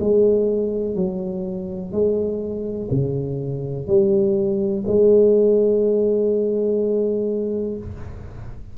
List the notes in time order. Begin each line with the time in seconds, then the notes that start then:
0.00 G#3
0.95 F#3
1.92 G#3
2.91 C#3
3.87 G3
4.87 G#3